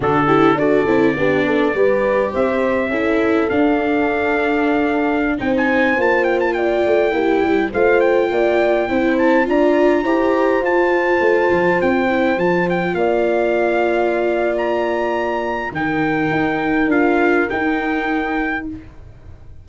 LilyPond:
<<
  \new Staff \with { instrumentName = "trumpet" } { \time 4/4 \tempo 4 = 103 a'4 d''2. | e''2 f''2~ | f''4~ f''16 g''16 gis''8. a''8 g''16 a''16 g''8.~ | g''4~ g''16 f''8 g''2 a''16~ |
a''16 ais''2 a''4.~ a''16~ | a''16 g''4 a''8 g''8 f''4.~ f''16~ | f''4 ais''2 g''4~ | g''4 f''4 g''2 | }
  \new Staff \with { instrumentName = "horn" } { \time 4/4 fis'8 g'8 a'4 g'8 a'8 b'4 | c''4 a'2.~ | a'4~ a'16 c''2 d''8.~ | d''16 g'4 c''4 d''4 c''8.~ |
c''16 d''4 c''2~ c''8.~ | c''2~ c''16 d''4.~ d''16~ | d''2. ais'4~ | ais'1 | }
  \new Staff \with { instrumentName = "viola" } { \time 4/4 d'8 e'8 fis'8 e'8 d'4 g'4~ | g'4 e'4 d'2~ | d'4~ d'16 dis'4 f'4.~ f'16~ | f'16 e'4 f'2 e'8.~ |
e'16 f'4 g'4 f'4.~ f'16~ | f'8. e'8 f'2~ f'8.~ | f'2. dis'4~ | dis'4 f'4 dis'2 | }
  \new Staff \with { instrumentName = "tuba" } { \time 4/4 d4 d'8 c'8 b4 g4 | c'4 cis'4 d'2~ | d'4~ d'16 c'4 ais4. a16~ | a16 ais8 g8 a4 ais4 c'8.~ |
c'16 d'4 e'4 f'4 a8 f16~ | f16 c'4 f4 ais4.~ ais16~ | ais2. dis4 | dis'4 d'4 dis'2 | }
>>